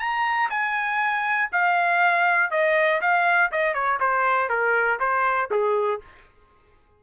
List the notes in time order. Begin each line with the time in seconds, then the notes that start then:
0.00 A#5
0.51 G#5
1.53 F5
2.51 D#5
3.02 F5
3.52 D#5
3.75 C#5
4.00 C5
4.50 A#4
5.00 C5
5.51 G#4